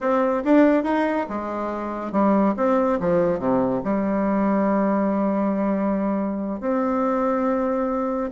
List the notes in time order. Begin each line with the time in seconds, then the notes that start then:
0.00 C4
0.44 D4
0.83 D#4
1.29 G#3
2.12 G3
2.56 C4
3.00 F3
3.39 C3
3.84 G3
6.60 C4